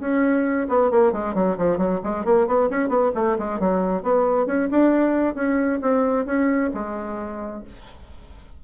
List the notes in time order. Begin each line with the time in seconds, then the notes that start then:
0.00 C#4
0.69 B3
0.91 A#3
1.12 G#3
1.34 F#3
1.58 F3
1.77 F#3
2.04 G#3
2.25 A#3
2.47 B3
2.70 C#4
2.89 B3
3.15 A3
3.38 G#3
3.59 F#3
4.03 B3
4.47 C#4
4.71 D4
5.35 C#4
5.82 C4
6.26 C#4
6.74 G#3